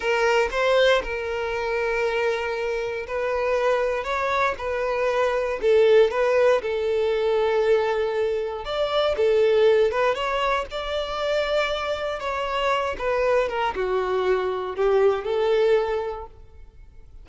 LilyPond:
\new Staff \with { instrumentName = "violin" } { \time 4/4 \tempo 4 = 118 ais'4 c''4 ais'2~ | ais'2 b'2 | cis''4 b'2 a'4 | b'4 a'2.~ |
a'4 d''4 a'4. b'8 | cis''4 d''2. | cis''4. b'4 ais'8 fis'4~ | fis'4 g'4 a'2 | }